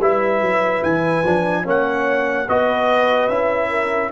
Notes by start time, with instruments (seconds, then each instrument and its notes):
0.00 tuba G3, trombone E4, horn B4, trumpet E5
0.41 tuba F#3
0.83 tuba E3, trumpet G#5
1.24 tuba F3, trombone D4
1.64 tuba A#3, trombone C#4, horn C#5, trumpet F#5
2.48 tuba B3, trombone F#4, horn B4, trumpet D#5
3.28 tuba C#4, trombone E4, trumpet E5
3.69 horn A#4